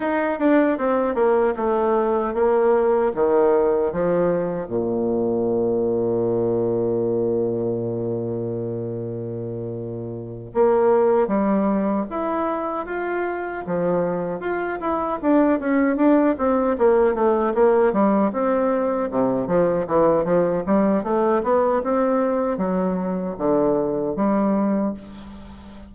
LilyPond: \new Staff \with { instrumentName = "bassoon" } { \time 4/4 \tempo 4 = 77 dis'8 d'8 c'8 ais8 a4 ais4 | dis4 f4 ais,2~ | ais,1~ | ais,4. ais4 g4 e'8~ |
e'8 f'4 f4 f'8 e'8 d'8 | cis'8 d'8 c'8 ais8 a8 ais8 g8 c'8~ | c'8 c8 f8 e8 f8 g8 a8 b8 | c'4 fis4 d4 g4 | }